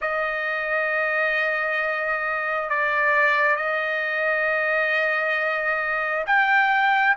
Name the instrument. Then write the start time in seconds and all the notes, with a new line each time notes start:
trumpet
0.01 D#5
2.69 D5
3.56 D#5
6.26 G5